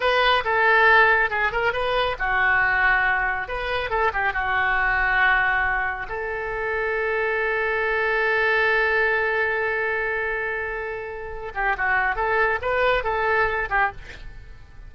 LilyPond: \new Staff \with { instrumentName = "oboe" } { \time 4/4 \tempo 4 = 138 b'4 a'2 gis'8 ais'8 | b'4 fis'2. | b'4 a'8 g'8 fis'2~ | fis'2 a'2~ |
a'1~ | a'1~ | a'2~ a'8 g'8 fis'4 | a'4 b'4 a'4. g'8 | }